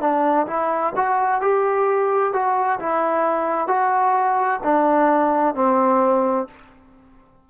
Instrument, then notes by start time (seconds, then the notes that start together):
trombone
0.00 D4
0.47 E4
0.96 F#4
1.41 G4
2.32 F#4
2.79 E4
3.67 F#4
4.63 D4
5.54 C4